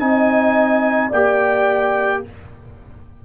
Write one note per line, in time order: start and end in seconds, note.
0.00 1.11 C4
0.00 1.11 D#4
0.00 1.09 D#5
0.00 1.11 G#5
1.09 2.24 A#3
1.09 2.25 G4
1.09 2.21 D5
1.09 2.24 G5